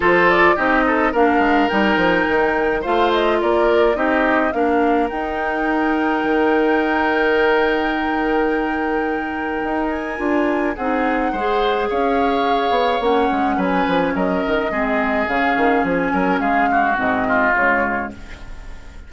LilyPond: <<
  \new Staff \with { instrumentName = "flute" } { \time 4/4 \tempo 4 = 106 c''8 d''8 dis''4 f''4 g''4~ | g''4 f''8 dis''8 d''4 dis''4 | f''4 g''2.~ | g''1~ |
g''4. gis''4. fis''4~ | fis''4 f''2 fis''4 | gis''4 dis''2 f''4 | gis''4 f''4 dis''4 cis''4 | }
  \new Staff \with { instrumentName = "oboe" } { \time 4/4 a'4 g'8 a'8 ais'2~ | ais'4 c''4 ais'4 g'4 | ais'1~ | ais'1~ |
ais'2. gis'4 | c''4 cis''2. | b'4 ais'4 gis'2~ | gis'8 ais'8 gis'8 fis'4 f'4. | }
  \new Staff \with { instrumentName = "clarinet" } { \time 4/4 f'4 dis'4 d'4 dis'4~ | dis'4 f'2 dis'4 | d'4 dis'2.~ | dis'1~ |
dis'2 f'4 dis'4 | gis'2. cis'4~ | cis'2 c'4 cis'4~ | cis'2 c'4 gis4 | }
  \new Staff \with { instrumentName = "bassoon" } { \time 4/4 f4 c'4 ais8 gis8 g8 f8 | dis4 a4 ais4 c'4 | ais4 dis'2 dis4~ | dis1~ |
dis4 dis'4 d'4 c'4 | gis4 cis'4. b8 ais8 gis8 | fis8 f8 fis8 dis8 gis4 cis8 dis8 | f8 fis8 gis4 gis,4 cis4 | }
>>